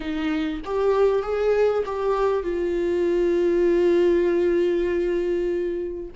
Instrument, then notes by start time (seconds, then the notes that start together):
viola
0.00 D#4
0.64 G4
1.22 G#4
1.85 G4
2.43 F4